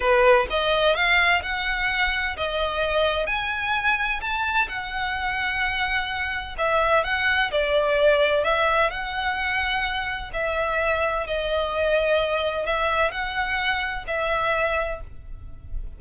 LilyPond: \new Staff \with { instrumentName = "violin" } { \time 4/4 \tempo 4 = 128 b'4 dis''4 f''4 fis''4~ | fis''4 dis''2 gis''4~ | gis''4 a''4 fis''2~ | fis''2 e''4 fis''4 |
d''2 e''4 fis''4~ | fis''2 e''2 | dis''2. e''4 | fis''2 e''2 | }